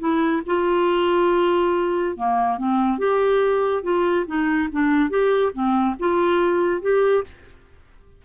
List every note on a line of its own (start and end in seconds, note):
0.00 0.43 E4
0.47 2.17 F4
2.17 2.58 A#3
2.58 2.99 C4
2.99 3.84 G4
3.84 4.26 F4
4.27 4.69 D#4
4.72 5.10 D4
5.10 5.53 G4
5.53 5.96 C4
6.00 6.82 F4
6.82 7.24 G4